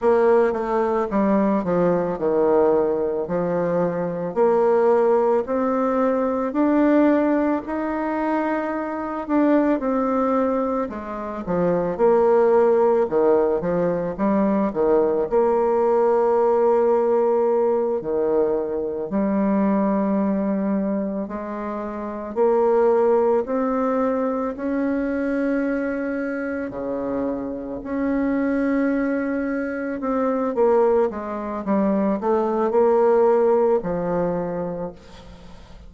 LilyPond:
\new Staff \with { instrumentName = "bassoon" } { \time 4/4 \tempo 4 = 55 ais8 a8 g8 f8 dis4 f4 | ais4 c'4 d'4 dis'4~ | dis'8 d'8 c'4 gis8 f8 ais4 | dis8 f8 g8 dis8 ais2~ |
ais8 dis4 g2 gis8~ | gis8 ais4 c'4 cis'4.~ | cis'8 cis4 cis'2 c'8 | ais8 gis8 g8 a8 ais4 f4 | }